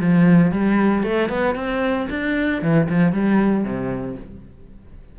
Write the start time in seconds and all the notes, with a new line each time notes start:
0.00 F3
0.51 G3
1.03 A3
1.29 B3
1.55 C4
2.09 D4
2.62 E3
2.89 F3
3.12 G3
3.64 C3